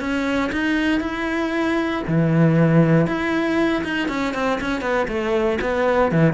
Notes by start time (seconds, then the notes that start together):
0.00 C#4
0.52 D#4
1.01 E4
2.07 E3
3.07 E4
3.84 D#4
4.08 C#4
4.34 C4
4.60 C#4
4.81 B3
5.08 A3
5.61 B3
6.12 E3